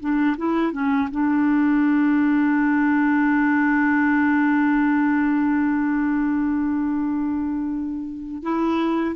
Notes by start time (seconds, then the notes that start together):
0.00 D4
0.38 E4
0.73 C#4
1.11 D4
8.43 E4